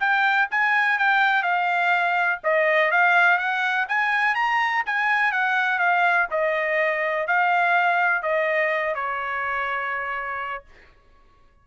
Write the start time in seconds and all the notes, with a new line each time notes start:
0.00 G5
0.51 G#5
0.98 G5
1.43 F5
2.43 D#5
2.91 F5
3.38 F#5
3.88 G#5
4.35 A#5
4.86 G#5
5.32 F#5
5.79 F5
6.31 D#5
7.27 F5
8.22 D#5
8.94 C#5